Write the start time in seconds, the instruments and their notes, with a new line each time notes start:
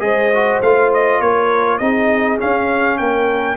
0.00 tuba G#3, trombone G#4, horn C5, trumpet D#5
0.33 trombone F#4
0.61 tuba A3, trombone F4, trumpet F5
0.93 trumpet D#5
1.20 tuba A#3, horn A#4, trumpet C#5
1.78 tuba C4, trombone D#4, horn G#4, trumpet D#5
2.38 trombone C#4, tuba C#4, trumpet F5
2.97 tuba A#3, horn A#4, trumpet G5